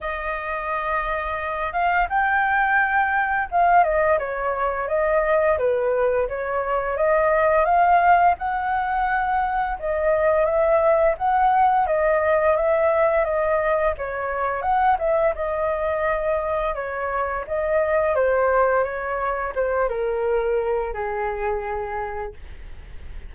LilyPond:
\new Staff \with { instrumentName = "flute" } { \time 4/4 \tempo 4 = 86 dis''2~ dis''8 f''8 g''4~ | g''4 f''8 dis''8 cis''4 dis''4 | b'4 cis''4 dis''4 f''4 | fis''2 dis''4 e''4 |
fis''4 dis''4 e''4 dis''4 | cis''4 fis''8 e''8 dis''2 | cis''4 dis''4 c''4 cis''4 | c''8 ais'4. gis'2 | }